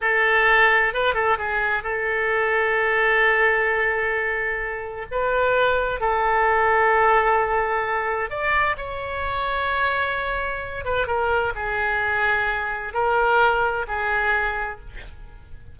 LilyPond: \new Staff \with { instrumentName = "oboe" } { \time 4/4 \tempo 4 = 130 a'2 b'8 a'8 gis'4 | a'1~ | a'2. b'4~ | b'4 a'2.~ |
a'2 d''4 cis''4~ | cis''2.~ cis''8 b'8 | ais'4 gis'2. | ais'2 gis'2 | }